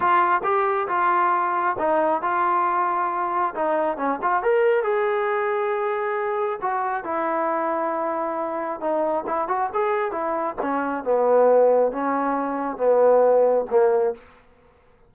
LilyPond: \new Staff \with { instrumentName = "trombone" } { \time 4/4 \tempo 4 = 136 f'4 g'4 f'2 | dis'4 f'2. | dis'4 cis'8 f'8 ais'4 gis'4~ | gis'2. fis'4 |
e'1 | dis'4 e'8 fis'8 gis'4 e'4 | cis'4 b2 cis'4~ | cis'4 b2 ais4 | }